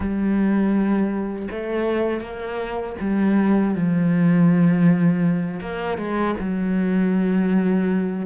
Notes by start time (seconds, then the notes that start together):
0.00 G3
1.50 A3
2.21 A#3
3.00 G3
3.75 F3
5.60 A#3
5.97 G#3
6.40 F#3